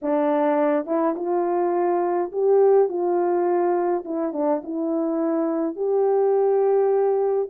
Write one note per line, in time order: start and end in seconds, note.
0.02 0.85 D4
0.85 1.14 E4
1.16 2.31 F4
2.32 2.88 G4
2.88 4.04 F4
4.04 4.33 E4
4.33 4.62 D4
4.63 5.75 E4
5.75 7.48 G4